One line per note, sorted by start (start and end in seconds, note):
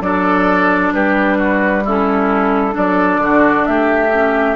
0.00 0.91 F#3
0.00 1.83 D4
0.00 0.94 A4
0.00 0.92 D5
0.93 2.75 G3
0.93 1.38 G4
0.93 1.84 B4
1.38 1.83 F#4
1.84 2.71 C#4
1.84 2.74 E4
1.84 2.77 A4
2.71 3.17 F#3
2.71 4.08 D4
2.71 3.20 A4
2.71 3.66 D5
3.17 3.62 D3
3.17 3.68 F#4
3.66 4.56 A3
3.66 4.56 G4
3.66 4.56 E5
4.13 4.56 C#4